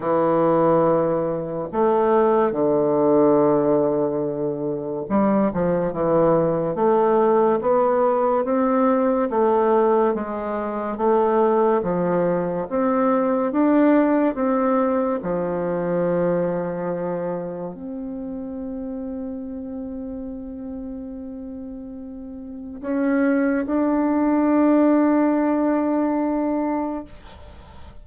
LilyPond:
\new Staff \with { instrumentName = "bassoon" } { \time 4/4 \tempo 4 = 71 e2 a4 d4~ | d2 g8 f8 e4 | a4 b4 c'4 a4 | gis4 a4 f4 c'4 |
d'4 c'4 f2~ | f4 c'2.~ | c'2. cis'4 | d'1 | }